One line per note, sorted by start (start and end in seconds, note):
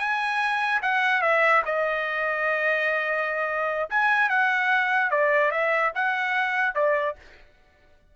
0.00 0.82 G#5
0.83 1.22 F#5
1.22 1.63 E5
1.65 3.90 D#5
3.91 4.29 G#5
4.29 5.11 F#5
5.11 5.52 D5
5.52 5.92 E5
5.95 6.75 F#5
6.75 7.16 D5